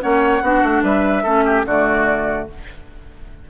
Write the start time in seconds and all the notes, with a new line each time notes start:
0.00 A#3 C#4 C#5 F#5
0.42 B3 D4 F#4
0.63 A3
0.82 G3 B4 E5
1.23 A3 C#4 A4
1.45 G4
1.65 D3 A3 F#4 D5